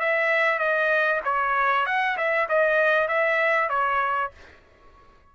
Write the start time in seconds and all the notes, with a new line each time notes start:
0.00 E5
0.59 D#5
1.25 C#5
1.86 F#5
2.18 E5
2.49 D#5
3.08 E5
3.69 C#5